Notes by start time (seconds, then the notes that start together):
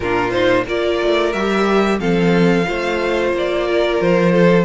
0.00 A#2 D4 F4 A#4
0.31 D#4 C5
0.65 A#3 F4 A#4 D5
1.02 A3
1.32 G3 G4 E5
1.99 F3 C4 A4 F5
2.64 A3 F4 C5
3.32 A#3 D5
3.67 A#4
4.01 F3 C5
4.32 A4